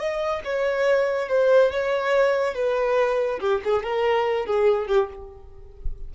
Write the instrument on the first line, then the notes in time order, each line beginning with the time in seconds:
violin
0.00 D#5
0.45 C#5
1.29 C5
1.72 C#5
2.55 B4
3.40 G4
3.65 G#4
3.84 A#4
4.47 G#4
4.87 G4